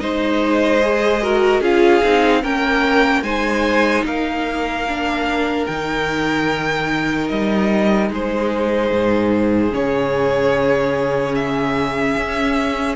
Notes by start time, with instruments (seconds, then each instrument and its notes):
0.00 cello G#3, viola D#4, violin C5 D#5
0.81 viola G#4
1.22 viola F#4, violin A#4
1.61 cello C#4, viola F4, violin G#4 F5
2.04 cello C4, viola D#4
2.42 cello A#3, viola C#4, violin A#4 G5
3.22 cello G#3, viola D#4, violin C5 G#5
4.04 cello A#3, violin A#4 F5
4.89 viola D4
5.66 cello D#3, viola D#4, violin G5
7.29 cello G3, violin D#5
8.10 cello G#3, violin G#4 C5
8.92 cello G#2
9.71 cello C#3, viola C#4, violin C#5
11.35 violin E5
12.17 cello C#4